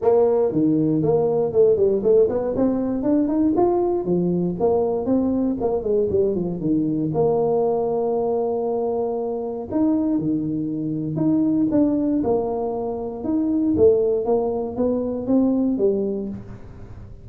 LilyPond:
\new Staff \with { instrumentName = "tuba" } { \time 4/4 \tempo 4 = 118 ais4 dis4 ais4 a8 g8 | a8 b8 c'4 d'8 dis'8 f'4 | f4 ais4 c'4 ais8 gis8 | g8 f8 dis4 ais2~ |
ais2. dis'4 | dis2 dis'4 d'4 | ais2 dis'4 a4 | ais4 b4 c'4 g4 | }